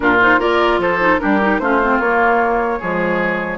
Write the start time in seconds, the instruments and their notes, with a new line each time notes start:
0.00 bassoon A#2, clarinet D4, oboe F4, flute A#4
0.21 clarinet D#4, flute C5
0.39 bassoon A#3, clarinet F4, oboe A#4, flute D5
0.78 bassoon F3, oboe A4, flute C5
0.99 clarinet D#4
1.19 bassoon G3, clarinet D4, oboe G4, flute A#4
1.41 clarinet D#4
1.58 bassoon A3, clarinet C#4, oboe F4, flute C5
1.82 clarinet C4
1.99 bassoon A#3, clarinet A#3, flute C#5
2.79 bassoon F3, clarinet G#3, oboe G#4